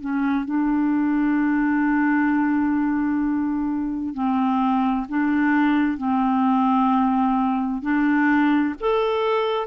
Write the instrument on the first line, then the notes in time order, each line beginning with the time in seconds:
clarinet
0.00 C#4
0.45 D4
4.14 C4
5.09 D4
5.97 C4
7.82 D4
8.80 A4